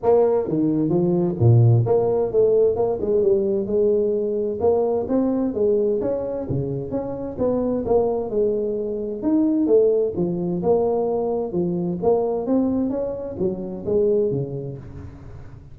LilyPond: \new Staff \with { instrumentName = "tuba" } { \time 4/4 \tempo 4 = 130 ais4 dis4 f4 ais,4 | ais4 a4 ais8 gis8 g4 | gis2 ais4 c'4 | gis4 cis'4 cis4 cis'4 |
b4 ais4 gis2 | dis'4 a4 f4 ais4~ | ais4 f4 ais4 c'4 | cis'4 fis4 gis4 cis4 | }